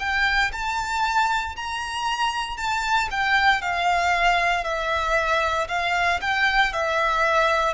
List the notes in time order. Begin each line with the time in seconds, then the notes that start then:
0.00 G5
0.52 A5
1.56 A#5
2.57 A5
3.11 G5
3.62 F5
4.64 E5
5.68 F5
6.21 G5
6.73 E5